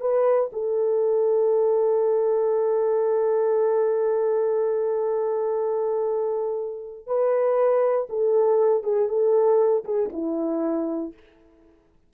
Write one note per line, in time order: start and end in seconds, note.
0.00 0.50 B4
0.52 7.06 A4
7.06 8.07 B4
8.09 8.83 A4
8.83 9.08 G#4
9.08 9.84 A4
9.85 10.10 G#4
10.12 11.13 E4